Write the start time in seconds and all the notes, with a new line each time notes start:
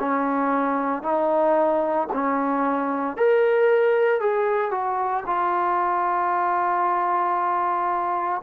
0.00 C#4
1.03 D#4
2.13 C#4
3.18 A#4
4.21 G#4
4.72 F#4
5.27 F4